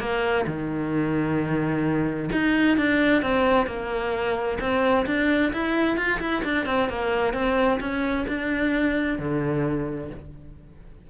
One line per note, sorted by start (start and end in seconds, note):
0.00 0.46 A#3
0.47 2.30 D#3
2.32 2.78 D#4
2.78 3.22 D4
3.22 3.67 C4
3.67 4.58 A#3
4.61 5.06 C4
5.07 5.52 D4
5.53 5.97 E4
5.97 6.20 F4
6.20 6.43 E4
6.44 6.66 D4
6.66 6.89 C4
6.89 7.34 A#3
7.34 7.80 C4
7.80 8.26 C#4
8.28 9.19 D4
9.19 10.10 D3